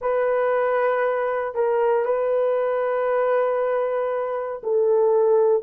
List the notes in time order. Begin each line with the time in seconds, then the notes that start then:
0.01 B4
1.54 A#4
2.05 B4
4.63 A4